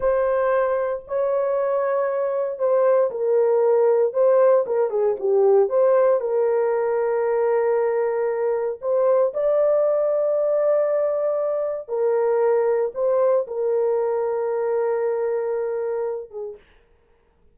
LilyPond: \new Staff \with { instrumentName = "horn" } { \time 4/4 \tempo 4 = 116 c''2 cis''2~ | cis''4 c''4 ais'2 | c''4 ais'8 gis'8 g'4 c''4 | ais'1~ |
ais'4 c''4 d''2~ | d''2. ais'4~ | ais'4 c''4 ais'2~ | ais'2.~ ais'8 gis'8 | }